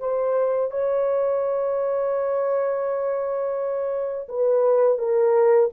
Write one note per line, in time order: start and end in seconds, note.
0.00 0.71 C5
0.71 4.28 C#5
4.29 4.98 B4
4.98 5.69 A#4